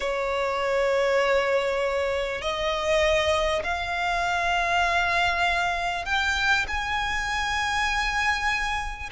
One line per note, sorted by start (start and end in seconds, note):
0.00 2.41 C#5
2.41 3.62 D#5
3.63 6.05 F5
6.05 6.65 G5
6.67 9.09 G#5